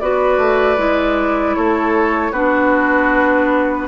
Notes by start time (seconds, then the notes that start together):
0.00 B3 F#4 B4 D5
0.38 A3
0.78 G#3 E4
1.56 A3 A4 C#5
2.32 B3 D4 F#4 B4